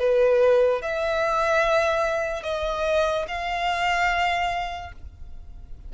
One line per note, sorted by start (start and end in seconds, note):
0.00 0.82 B4
0.82 2.44 E5
2.44 3.26 D#5
3.28 4.92 F5